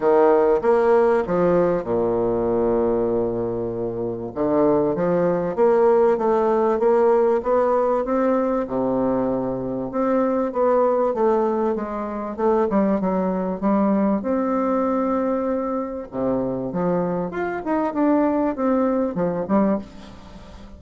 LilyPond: \new Staff \with { instrumentName = "bassoon" } { \time 4/4 \tempo 4 = 97 dis4 ais4 f4 ais,4~ | ais,2. d4 | f4 ais4 a4 ais4 | b4 c'4 c2 |
c'4 b4 a4 gis4 | a8 g8 fis4 g4 c'4~ | c'2 c4 f4 | f'8 dis'8 d'4 c'4 f8 g8 | }